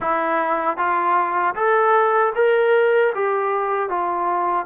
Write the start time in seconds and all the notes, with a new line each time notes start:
0.00 E4
0.77 F4
1.55 A4
2.35 A#4
3.15 G4
3.89 F4